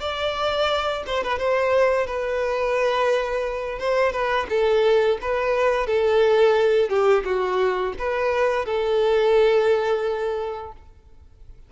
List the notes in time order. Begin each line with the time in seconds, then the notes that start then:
0.00 D5
1.07 C5
1.23 B4
1.39 C5
2.06 B4
3.79 C5
4.12 B4
4.49 A4
5.21 B4
5.87 A4
6.89 G4
7.24 F#4
7.98 B4
8.65 A4